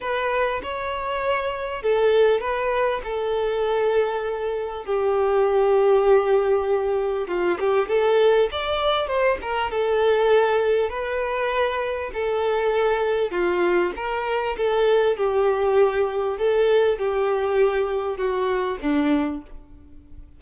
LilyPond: \new Staff \with { instrumentName = "violin" } { \time 4/4 \tempo 4 = 99 b'4 cis''2 a'4 | b'4 a'2. | g'1 | f'8 g'8 a'4 d''4 c''8 ais'8 |
a'2 b'2 | a'2 f'4 ais'4 | a'4 g'2 a'4 | g'2 fis'4 d'4 | }